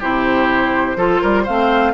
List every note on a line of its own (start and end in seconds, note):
0.00 0.96 C3
0.00 0.97 E4
0.00 0.98 G4
0.00 1.46 C5
0.96 1.21 F3
0.96 1.46 F4
0.96 1.22 A4
1.22 1.48 G3
1.22 1.44 A#4
1.44 1.94 A3
1.44 1.94 C4
1.44 1.92 C5
1.44 1.94 F5